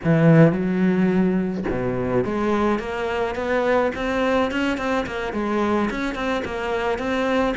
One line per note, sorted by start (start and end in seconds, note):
0.04 0.52 E3
0.52 1.64 F#3
1.70 2.24 B2
2.24 2.79 G#3
2.79 3.35 A#3
3.35 3.91 B3
3.95 4.51 C4
4.51 4.77 C#4
4.77 5.05 C4
5.06 5.33 A#3
5.33 5.89 G#3
5.90 6.14 C#4
6.14 6.42 C4
6.44 6.98 A#3
6.98 7.54 C4